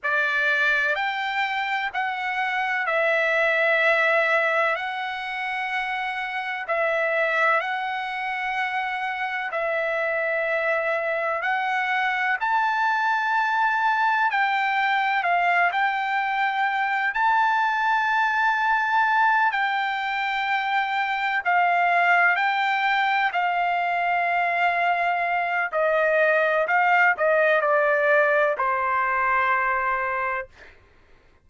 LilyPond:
\new Staff \with { instrumentName = "trumpet" } { \time 4/4 \tempo 4 = 63 d''4 g''4 fis''4 e''4~ | e''4 fis''2 e''4 | fis''2 e''2 | fis''4 a''2 g''4 |
f''8 g''4. a''2~ | a''8 g''2 f''4 g''8~ | g''8 f''2~ f''8 dis''4 | f''8 dis''8 d''4 c''2 | }